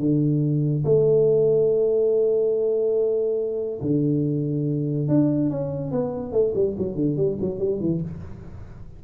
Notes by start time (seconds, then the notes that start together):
0.00 D3
0.85 A3
3.82 D3
5.09 D4
5.51 C#4
5.92 B3
6.33 A3
6.55 G3
6.79 F#3
6.96 D3
7.17 G3
7.42 F#3
7.59 G3
7.81 E3